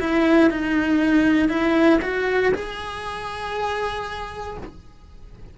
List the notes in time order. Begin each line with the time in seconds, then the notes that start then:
0.00 E4
0.50 D#4
1.49 E4
2.02 F#4
2.55 G#4